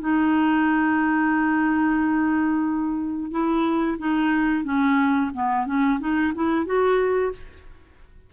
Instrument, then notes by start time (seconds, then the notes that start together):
clarinet
0.00 D#4
3.31 E4
3.99 D#4
4.64 C#4
5.34 B3
5.66 C#4
6.00 D#4
6.35 E4
6.66 F#4